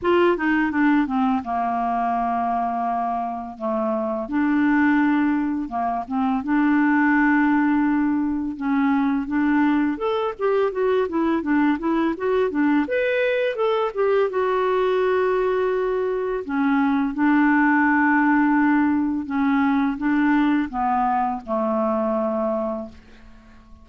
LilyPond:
\new Staff \with { instrumentName = "clarinet" } { \time 4/4 \tempo 4 = 84 f'8 dis'8 d'8 c'8 ais2~ | ais4 a4 d'2 | ais8 c'8 d'2. | cis'4 d'4 a'8 g'8 fis'8 e'8 |
d'8 e'8 fis'8 d'8 b'4 a'8 g'8 | fis'2. cis'4 | d'2. cis'4 | d'4 b4 a2 | }